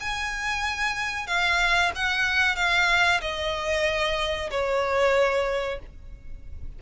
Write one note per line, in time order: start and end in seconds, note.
0.00 1.26 G#5
1.26 1.91 F5
1.95 2.55 F#5
2.55 3.20 F5
3.21 4.50 D#5
4.50 5.79 C#5